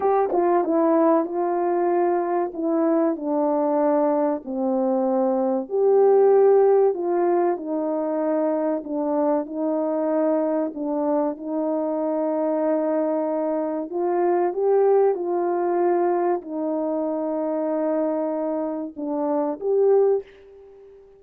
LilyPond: \new Staff \with { instrumentName = "horn" } { \time 4/4 \tempo 4 = 95 g'8 f'8 e'4 f'2 | e'4 d'2 c'4~ | c'4 g'2 f'4 | dis'2 d'4 dis'4~ |
dis'4 d'4 dis'2~ | dis'2 f'4 g'4 | f'2 dis'2~ | dis'2 d'4 g'4 | }